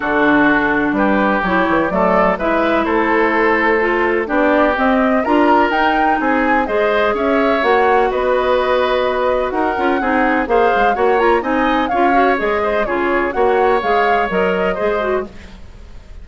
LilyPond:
<<
  \new Staff \with { instrumentName = "flute" } { \time 4/4 \tempo 4 = 126 a'2 b'4 cis''4 | d''4 e''4 c''2~ | c''4 d''4 dis''4 ais''4 | g''4 gis''4 dis''4 e''4 |
fis''4 dis''2. | fis''2 f''4 fis''8 ais''8 | gis''4 f''4 dis''4 cis''4 | fis''4 f''4 dis''2 | }
  \new Staff \with { instrumentName = "oboe" } { \time 4/4 fis'2 g'2 | a'4 b'4 a'2~ | a'4 g'2 ais'4~ | ais'4 gis'4 c''4 cis''4~ |
cis''4 b'2. | ais'4 gis'4 c''4 cis''4 | dis''4 cis''4. c''8 gis'4 | cis''2. c''4 | }
  \new Staff \with { instrumentName = "clarinet" } { \time 4/4 d'2. e'4 | a4 e'2. | f'4 d'4 c'4 f'4 | dis'2 gis'2 |
fis'1~ | fis'8 f'8 dis'4 gis'4 fis'8 f'8 | dis'4 f'8 fis'8 gis'4 f'4 | fis'4 gis'4 ais'4 gis'8 fis'8 | }
  \new Staff \with { instrumentName = "bassoon" } { \time 4/4 d2 g4 fis8 e8 | fis4 gis4 a2~ | a4 b4 c'4 d'4 | dis'4 c'4 gis4 cis'4 |
ais4 b2. | dis'8 cis'8 c'4 ais8 gis8 ais4 | c'4 cis'4 gis4 cis4 | ais4 gis4 fis4 gis4 | }
>>